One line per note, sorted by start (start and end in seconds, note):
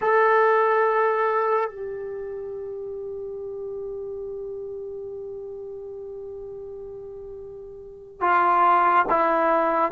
0.01 1.69 A4
1.69 8.20 G4
8.20 9.05 F4
9.09 9.91 E4